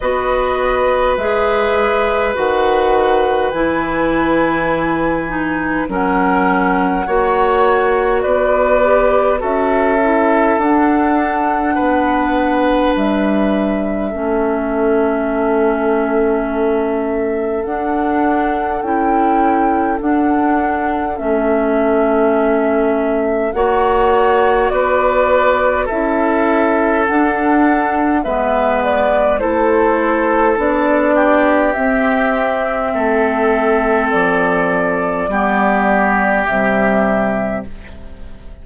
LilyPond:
<<
  \new Staff \with { instrumentName = "flute" } { \time 4/4 \tempo 4 = 51 dis''4 e''4 fis''4 gis''4~ | gis''4 fis''2 d''4 | e''4 fis''2 e''4~ | e''2. fis''4 |
g''4 fis''4 e''2 | fis''4 d''4 e''4 fis''4 | e''8 d''8 c''4 d''4 e''4~ | e''4 d''2 e''4 | }
  \new Staff \with { instrumentName = "oboe" } { \time 4/4 b'1~ | b'4 ais'4 cis''4 b'4 | a'2 b'2 | a'1~ |
a'1 | cis''4 b'4 a'2 | b'4 a'4. g'4. | a'2 g'2 | }
  \new Staff \with { instrumentName = "clarinet" } { \time 4/4 fis'4 gis'4 fis'4 e'4~ | e'8 dis'8 cis'4 fis'4. g'8 | fis'8 e'8 d'2. | cis'2. d'4 |
e'4 d'4 cis'2 | fis'2 e'4 d'4 | b4 e'4 d'4 c'4~ | c'2 b4 g4 | }
  \new Staff \with { instrumentName = "bassoon" } { \time 4/4 b4 gis4 dis4 e4~ | e4 fis4 ais4 b4 | cis'4 d'4 b4 g4 | a2. d'4 |
cis'4 d'4 a2 | ais4 b4 cis'4 d'4 | gis4 a4 b4 c'4 | a4 f4 g4 c4 | }
>>